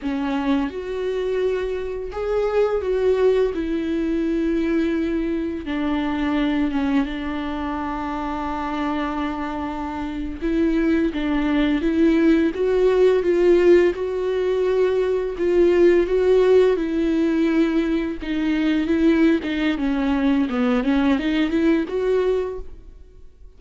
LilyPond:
\new Staff \with { instrumentName = "viola" } { \time 4/4 \tempo 4 = 85 cis'4 fis'2 gis'4 | fis'4 e'2. | d'4. cis'8 d'2~ | d'2~ d'8. e'4 d'16~ |
d'8. e'4 fis'4 f'4 fis'16~ | fis'4.~ fis'16 f'4 fis'4 e'16~ | e'4.~ e'16 dis'4 e'8. dis'8 | cis'4 b8 cis'8 dis'8 e'8 fis'4 | }